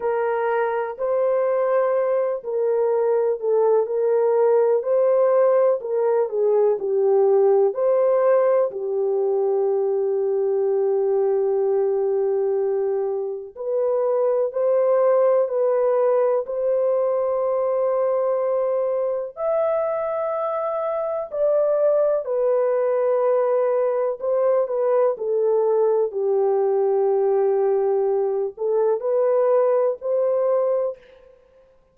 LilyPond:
\new Staff \with { instrumentName = "horn" } { \time 4/4 \tempo 4 = 62 ais'4 c''4. ais'4 a'8 | ais'4 c''4 ais'8 gis'8 g'4 | c''4 g'2.~ | g'2 b'4 c''4 |
b'4 c''2. | e''2 d''4 b'4~ | b'4 c''8 b'8 a'4 g'4~ | g'4. a'8 b'4 c''4 | }